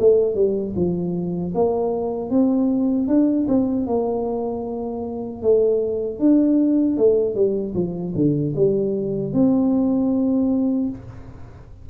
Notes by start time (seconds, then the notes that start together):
0.00 A3
0.35 G3
0.76 F3
1.55 A#3
2.31 C4
3.08 D4
3.48 C4
3.87 A#3
5.42 A3
6.20 D4
6.98 A3
7.35 G3
7.75 F3
8.16 D3
8.56 G3
9.34 C4